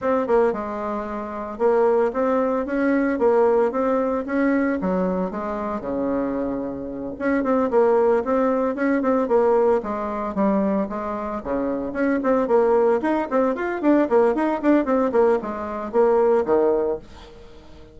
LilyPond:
\new Staff \with { instrumentName = "bassoon" } { \time 4/4 \tempo 4 = 113 c'8 ais8 gis2 ais4 | c'4 cis'4 ais4 c'4 | cis'4 fis4 gis4 cis4~ | cis4. cis'8 c'8 ais4 c'8~ |
c'8 cis'8 c'8 ais4 gis4 g8~ | g8 gis4 cis4 cis'8 c'8 ais8~ | ais8 dis'8 c'8 f'8 d'8 ais8 dis'8 d'8 | c'8 ais8 gis4 ais4 dis4 | }